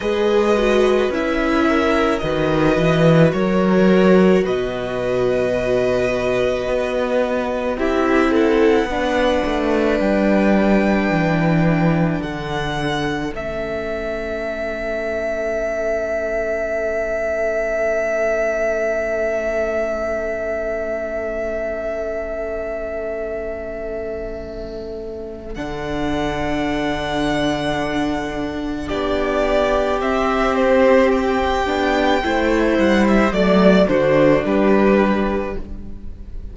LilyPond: <<
  \new Staff \with { instrumentName = "violin" } { \time 4/4 \tempo 4 = 54 dis''4 e''4 dis''4 cis''4 | dis''2. e''8 fis''8~ | fis''4 g''2 fis''4 | e''1~ |
e''1~ | e''2. fis''4~ | fis''2 d''4 e''8 c''8 | g''4. fis''16 e''16 d''8 c''8 b'4 | }
  \new Staff \with { instrumentName = "violin" } { \time 4/4 b'4. ais'8 b'4 ais'4 | b'2. g'8 a'8 | b'2. a'4~ | a'1~ |
a'1~ | a'1~ | a'2 g'2~ | g'4 c''4 d''8 fis'8 g'4 | }
  \new Staff \with { instrumentName = "viola" } { \time 4/4 gis'8 fis'8 e'4 fis'2~ | fis'2. e'4 | d'1 | cis'1~ |
cis'1~ | cis'2. d'4~ | d'2. c'4~ | c'8 d'8 e'4 a8 d'4. | }
  \new Staff \with { instrumentName = "cello" } { \time 4/4 gis4 cis'4 dis8 e8 fis4 | b,2 b4 c'4 | b8 a8 g4 e4 d4 | a1~ |
a1~ | a2. d4~ | d2 b4 c'4~ | c'8 b8 a8 g8 fis8 d8 g4 | }
>>